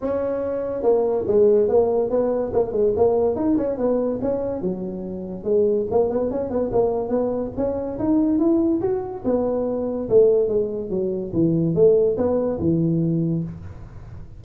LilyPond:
\new Staff \with { instrumentName = "tuba" } { \time 4/4 \tempo 4 = 143 cis'2 ais4 gis4 | ais4 b4 ais8 gis8 ais4 | dis'8 cis'8 b4 cis'4 fis4~ | fis4 gis4 ais8 b8 cis'8 b8 |
ais4 b4 cis'4 dis'4 | e'4 fis'4 b2 | a4 gis4 fis4 e4 | a4 b4 e2 | }